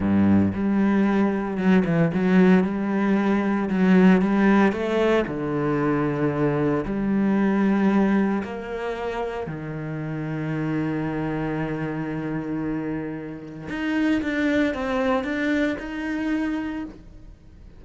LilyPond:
\new Staff \with { instrumentName = "cello" } { \time 4/4 \tempo 4 = 114 g,4 g2 fis8 e8 | fis4 g2 fis4 | g4 a4 d2~ | d4 g2. |
ais2 dis2~ | dis1~ | dis2 dis'4 d'4 | c'4 d'4 dis'2 | }